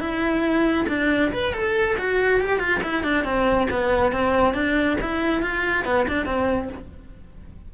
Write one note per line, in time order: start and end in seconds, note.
0.00 0.86 E4
0.88 1.32 D4
1.32 1.54 B4
1.54 1.97 A4
1.99 2.40 F#4
2.40 2.59 G4
2.59 2.81 F4
2.83 3.03 E4
3.03 3.25 D4
3.25 3.68 C4
3.71 4.12 B3
4.12 4.54 C4
4.54 4.97 D4
5.01 5.42 E4
5.42 5.85 F4
5.85 6.06 B3
6.08 6.26 D4
6.26 6.69 C4